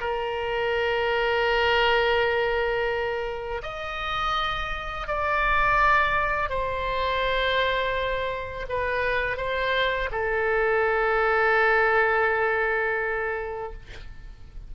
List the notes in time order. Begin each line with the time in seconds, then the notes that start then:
0.00 A#4
3.62 D#5
5.07 D5
6.49 C5
8.69 B4
9.37 C5
10.11 A4